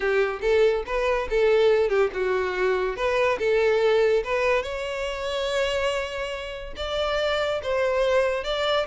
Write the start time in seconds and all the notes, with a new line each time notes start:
0.00 G4
0.41 A4
0.86 B4
1.29 A4
1.89 G4
2.13 F#4
2.96 B4
3.38 A4
4.23 B4
4.62 C#5
6.76 D5
7.62 C5
8.44 D5